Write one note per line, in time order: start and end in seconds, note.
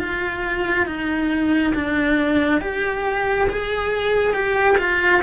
0.00 0.87 F4
0.87 1.74 D#4
1.75 2.62 D4
2.62 3.49 G4
3.50 4.34 G#4
4.34 4.77 G4
4.78 5.22 F4